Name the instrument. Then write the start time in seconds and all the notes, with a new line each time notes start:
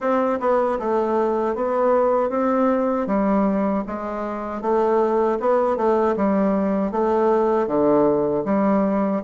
bassoon
0.00 C4
0.40 B3
0.79 A3
1.55 B3
2.29 C4
3.07 G3
3.87 G#3
4.61 A3
5.40 B3
5.77 A3
6.16 G3
6.91 A3
7.67 D3
8.44 G3